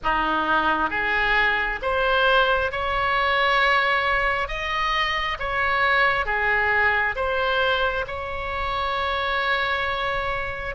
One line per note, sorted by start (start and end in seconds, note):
0.03 0.90 D#4
0.90 1.79 G#4
1.82 2.71 C5
2.71 4.48 C#5
4.48 5.37 D#5
5.39 6.25 C#5
6.25 7.15 G#4
7.15 8.05 C5
8.07 10.75 C#5